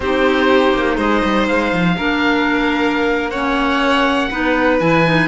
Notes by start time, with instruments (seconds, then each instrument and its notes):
0.00 cello C4, clarinet D#4, violin G4, oboe C5
0.73 cello A#3
0.96 cello G#3, violin C5, oboe D#5
1.24 cello G3
1.47 cello G#3, oboe F5
1.72 cello F3
1.96 cello A#3, clarinet D4, violin A#4
3.30 clarinet C#4, violin C#5, oboe F#5
4.30 cello B3, clarinet D#4, violin B4
4.79 cello E3, clarinet E4, oboe G#5
5.05 clarinet D#4